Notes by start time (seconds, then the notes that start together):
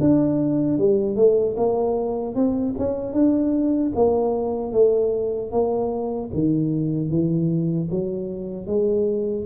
0.00 D4
0.78 G3
1.16 A3
1.56 A#3
2.35 C4
2.78 C#4
3.13 D4
3.95 A#3
4.72 A3
5.51 A#3
6.33 D#3
7.09 E3
7.90 F#3
8.67 G#3